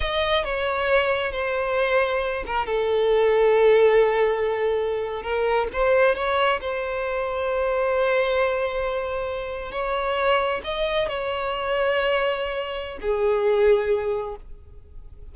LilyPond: \new Staff \with { instrumentName = "violin" } { \time 4/4 \tempo 4 = 134 dis''4 cis''2 c''4~ | c''4. ais'8 a'2~ | a'2.~ a'8. ais'16~ | ais'8. c''4 cis''4 c''4~ c''16~ |
c''1~ | c''4.~ c''16 cis''2 dis''16~ | dis''8. cis''2.~ cis''16~ | cis''4 gis'2. | }